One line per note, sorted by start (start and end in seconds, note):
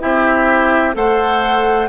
0.00 0.96 C4
0.00 0.93 E4
0.00 0.95 G4
0.00 0.95 E5
0.93 1.88 A3
0.93 1.87 A4
0.93 1.88 C5
0.93 1.88 F#5